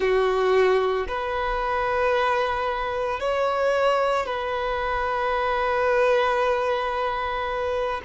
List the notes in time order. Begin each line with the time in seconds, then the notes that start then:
0.00 F#4
1.08 B4
3.19 C#5
4.26 B4